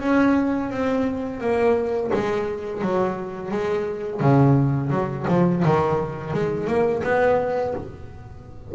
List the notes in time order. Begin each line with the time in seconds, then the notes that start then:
0.00 C#4
0.71 C4
1.40 A#3
2.13 G#3
2.81 F#3
3.51 G#3
4.20 C#3
4.90 F#3
5.28 F3
5.65 D#3
6.34 G#3
6.67 A#3
7.03 B3